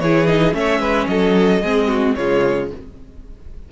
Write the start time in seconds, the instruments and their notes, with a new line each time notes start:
0.00 cello E3, viola E4, violin G#4 C#5
0.27 viola D#4, violin D#5
0.52 cello A3, viola C#4, violin C#5 E5
0.80 cello G#3, violin B4
1.07 cello F#3, violin A4 D#5
1.62 cello G#3, viola C4, violin G#4
1.88 violin F#4
2.16 cello C#3, viola G#3, violin F4 C#5